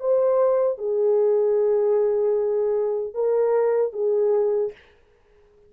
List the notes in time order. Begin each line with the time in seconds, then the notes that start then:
0.00 C5
0.78 G#4
3.14 A#4
3.93 G#4